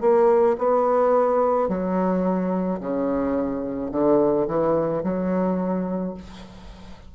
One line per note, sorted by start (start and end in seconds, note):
0.00 0.56 A#3
0.58 1.68 B3
1.68 2.79 F#3
2.80 3.91 C#3
3.91 4.46 D3
4.47 5.03 E3
5.03 6.14 F#3